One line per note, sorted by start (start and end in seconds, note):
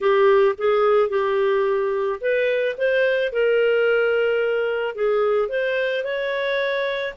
0.00 0.55 G4
0.58 1.09 G#4
1.09 2.19 G4
2.20 2.75 B4
2.77 3.32 C5
3.32 4.95 A#4
4.95 5.48 G#4
5.48 6.04 C5
6.04 7.14 C#5